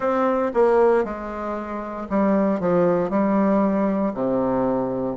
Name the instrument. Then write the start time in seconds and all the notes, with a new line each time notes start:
bassoon
0.00 C4
0.54 A#3
1.04 G#3
2.09 G3
2.60 F3
3.09 G3
4.14 C3